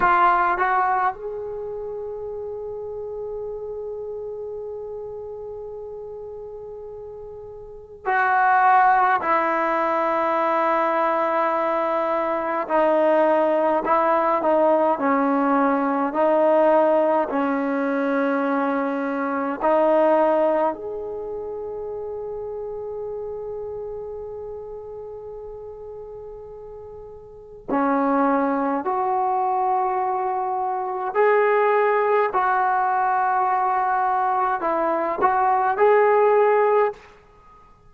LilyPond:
\new Staff \with { instrumentName = "trombone" } { \time 4/4 \tempo 4 = 52 f'8 fis'8 gis'2.~ | gis'2. fis'4 | e'2. dis'4 | e'8 dis'8 cis'4 dis'4 cis'4~ |
cis'4 dis'4 gis'2~ | gis'1 | cis'4 fis'2 gis'4 | fis'2 e'8 fis'8 gis'4 | }